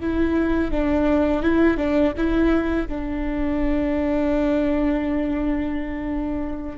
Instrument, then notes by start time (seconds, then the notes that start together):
viola
0.00 E4
0.71 D4
1.42 E4
1.77 D4
2.17 E4
2.88 D4